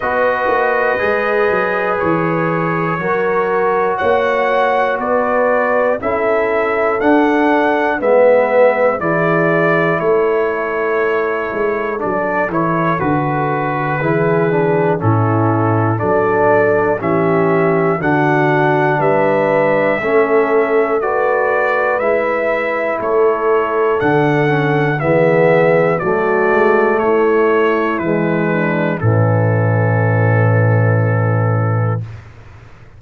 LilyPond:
<<
  \new Staff \with { instrumentName = "trumpet" } { \time 4/4 \tempo 4 = 60 dis''2 cis''2 | fis''4 d''4 e''4 fis''4 | e''4 d''4 cis''2 | d''8 cis''8 b'2 a'4 |
d''4 e''4 fis''4 e''4~ | e''4 d''4 e''4 cis''4 | fis''4 e''4 d''4 cis''4 | b'4 a'2. | }
  \new Staff \with { instrumentName = "horn" } { \time 4/4 b'2. ais'4 | cis''4 b'4 a'2 | b'4 gis'4 a'2~ | a'2 gis'4 e'4 |
a'4 g'4 fis'4 b'4 | a'4 b'2 a'4~ | a'4 gis'4 fis'4 e'4~ | e'8 d'8 cis'2. | }
  \new Staff \with { instrumentName = "trombone" } { \time 4/4 fis'4 gis'2 fis'4~ | fis'2 e'4 d'4 | b4 e'2. | d'8 e'8 fis'4 e'8 d'8 cis'4 |
d'4 cis'4 d'2 | cis'4 fis'4 e'2 | d'8 cis'8 b4 a2 | gis4 e2. | }
  \new Staff \with { instrumentName = "tuba" } { \time 4/4 b8 ais8 gis8 fis8 e4 fis4 | ais4 b4 cis'4 d'4 | gis4 e4 a4. gis8 | fis8 e8 d4 e4 a,4 |
fis4 e4 d4 g4 | a2 gis4 a4 | d4 e4 fis8 gis8 a4 | e4 a,2. | }
>>